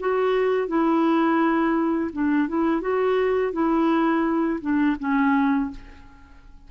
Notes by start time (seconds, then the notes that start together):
0.00 F#4
0.68 E4
2.13 D4
2.48 E4
2.81 F#4
3.53 E4
4.61 D4
5.00 C#4